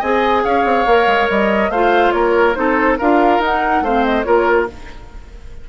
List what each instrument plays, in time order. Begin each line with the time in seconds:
0.00 bassoon C4, clarinet G#4, oboe D#5, flute G#5
0.44 bassoon C#4, oboe C#5, flute F5
0.65 bassoon C4
0.87 bassoon A#3, clarinet A#4
1.07 bassoon G#3
1.30 bassoon G3, flute D#5
1.70 bassoon A3, clarinet F4, oboe C5, flute F5
2.12 bassoon A#3, oboe A#4, flute C#5
2.55 bassoon C4, clarinet D#4, oboe A4, flute C5
2.99 bassoon D4, clarinet F4, oboe A#4, flute F5
3.39 bassoon D#4, clarinet D#4, flute F#5
3.82 bassoon A3, clarinet C4, oboe C5, flute F5
4.05 flute D#5
4.23 bassoon A#3, clarinet F4, oboe A#4, flute C#5